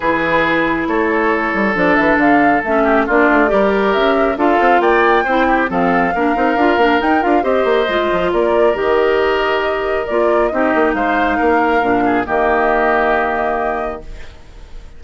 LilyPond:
<<
  \new Staff \with { instrumentName = "flute" } { \time 4/4 \tempo 4 = 137 b'2 cis''2 | d''8 e''8 f''4 e''4 d''4~ | d''4 e''4 f''4 g''4~ | g''4 f''2. |
g''8 f''8 dis''2 d''4 | dis''2. d''4 | dis''4 f''2. | dis''1 | }
  \new Staff \with { instrumentName = "oboe" } { \time 4/4 gis'2 a'2~ | a'2~ a'8 g'8 f'4 | ais'2 a'4 d''4 | c''8 g'8 a'4 ais'2~ |
ais'4 c''2 ais'4~ | ais'1 | g'4 c''4 ais'4. gis'8 | g'1 | }
  \new Staff \with { instrumentName = "clarinet" } { \time 4/4 e'1 | d'2 cis'4 d'4 | g'2 f'2 | e'4 c'4 d'8 dis'8 f'8 d'8 |
dis'8 f'8 g'4 f'2 | g'2. f'4 | dis'2. d'4 | ais1 | }
  \new Staff \with { instrumentName = "bassoon" } { \time 4/4 e2 a4. g8 | f8 e8 d4 a4 ais8 a8 | g4 cis'4 d'8 c'8 ais4 | c'4 f4 ais8 c'8 d'8 ais8 |
dis'8 d'8 c'8 ais8 gis8 f8 ais4 | dis2. ais4 | c'8 ais8 gis4 ais4 ais,4 | dis1 | }
>>